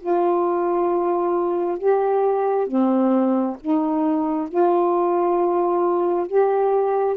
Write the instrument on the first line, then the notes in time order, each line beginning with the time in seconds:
saxophone
0.00 F4
1.78 G4
2.67 C4
3.61 D#4
4.49 F4
6.27 G4